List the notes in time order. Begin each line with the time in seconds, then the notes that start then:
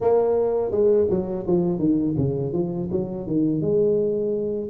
0.00 A#3
0.71 G#3
1.09 F#3
1.46 F3
1.78 D#3
2.17 C#3
2.53 F3
2.91 F#3
3.27 D#3
3.61 G#3